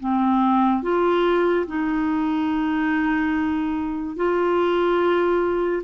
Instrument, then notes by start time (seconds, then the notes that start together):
clarinet
0.00 C4
0.83 F4
1.67 D#4
4.16 F4